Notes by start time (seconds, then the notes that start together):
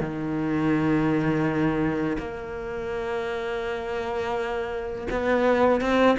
0.00 D#3
2.18 A#3
5.10 B3
5.81 C4